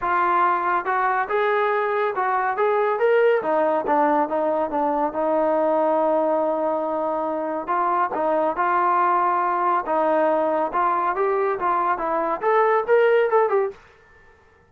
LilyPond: \new Staff \with { instrumentName = "trombone" } { \time 4/4 \tempo 4 = 140 f'2 fis'4 gis'4~ | gis'4 fis'4 gis'4 ais'4 | dis'4 d'4 dis'4 d'4 | dis'1~ |
dis'2 f'4 dis'4 | f'2. dis'4~ | dis'4 f'4 g'4 f'4 | e'4 a'4 ais'4 a'8 g'8 | }